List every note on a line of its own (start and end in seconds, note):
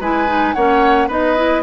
0.00 0.55 G#3
0.00 0.28 E4
0.00 0.55 B4
0.00 0.54 G#5
0.28 0.55 D#4
0.54 1.09 A#3
0.54 1.10 C#4
0.54 1.08 C#5
0.54 1.08 F#5
1.08 1.63 B3
1.08 1.37 D#4
1.08 1.63 B4
1.08 1.63 D#5
1.37 1.63 E4